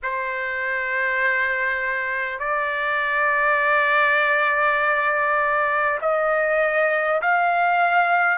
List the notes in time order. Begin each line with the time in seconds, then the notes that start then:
0.02 C5
2.39 D5
6.01 D#5
7.21 F5